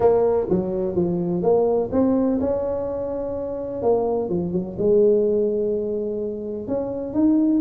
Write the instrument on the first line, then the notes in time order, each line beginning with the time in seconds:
tuba
0.00 A#3
0.49 F#3
0.95 F3
1.42 A#3
1.92 C4
2.40 C#4
3.82 A#3
4.29 F3
4.52 F#3
4.78 G#3
6.67 C#4
7.13 D#4